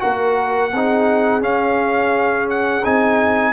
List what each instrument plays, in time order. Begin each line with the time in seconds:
0.00 tuba A#3, trombone F#4, horn A#4, trumpet F#5
0.73 tuba C4, trombone D#4, horn G#4
1.41 trombone C#4, tuba C#4, trumpet F5
2.50 trumpet F#5
2.85 tuba C4, trombone D#4, trumpet G#5